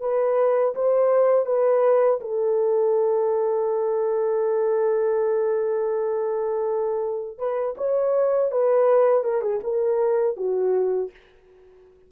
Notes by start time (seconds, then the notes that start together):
0.00 B4
0.75 C5
1.45 B4
2.21 A4
7.38 B4
7.77 C#5
8.51 B4
9.24 A#4
9.41 G#4
9.63 A#4
10.36 F#4